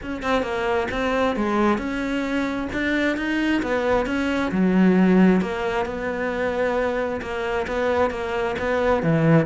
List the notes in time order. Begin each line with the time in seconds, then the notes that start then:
0.02 C#4
0.22 C4
0.42 A#3
0.91 C4
1.36 G#3
1.78 C#4
2.73 D4
3.16 D#4
3.62 B3
4.06 C#4
4.51 F#3
5.41 A#3
5.85 B3
7.21 A#3
7.67 B3
8.10 A#3
8.58 B3
9.02 E3